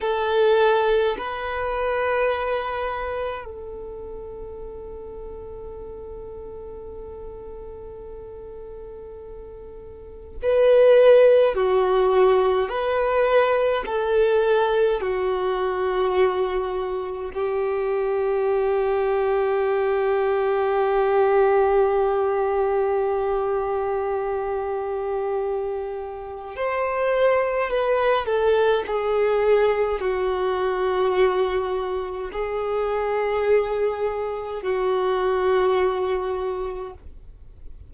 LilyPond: \new Staff \with { instrumentName = "violin" } { \time 4/4 \tempo 4 = 52 a'4 b'2 a'4~ | a'1~ | a'4 b'4 fis'4 b'4 | a'4 fis'2 g'4~ |
g'1~ | g'2. c''4 | b'8 a'8 gis'4 fis'2 | gis'2 fis'2 | }